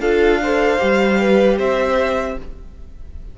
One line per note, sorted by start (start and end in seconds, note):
0.00 0.79 D4
0.00 0.42 F4
0.00 0.41 A4
0.00 1.59 F5
0.43 0.79 A4
0.43 1.21 C5
0.79 1.59 G3
0.79 2.37 G4
1.21 1.59 B4
1.59 2.37 C4
1.59 2.38 C5
1.59 2.39 E5